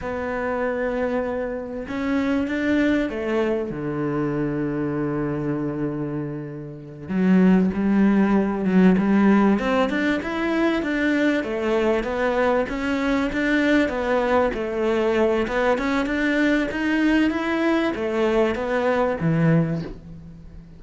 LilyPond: \new Staff \with { instrumentName = "cello" } { \time 4/4 \tempo 4 = 97 b2. cis'4 | d'4 a4 d2~ | d2.~ d8 fis8~ | fis8 g4. fis8 g4 c'8 |
d'8 e'4 d'4 a4 b8~ | b8 cis'4 d'4 b4 a8~ | a4 b8 cis'8 d'4 dis'4 | e'4 a4 b4 e4 | }